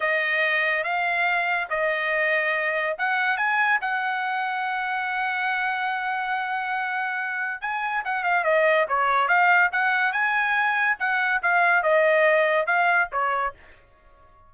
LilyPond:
\new Staff \with { instrumentName = "trumpet" } { \time 4/4 \tempo 4 = 142 dis''2 f''2 | dis''2. fis''4 | gis''4 fis''2.~ | fis''1~ |
fis''2 gis''4 fis''8 f''8 | dis''4 cis''4 f''4 fis''4 | gis''2 fis''4 f''4 | dis''2 f''4 cis''4 | }